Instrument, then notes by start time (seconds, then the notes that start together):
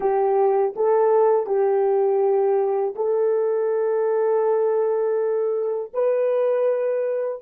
horn
0.00 G4
0.76 A4
1.46 G4
2.95 A4
5.93 B4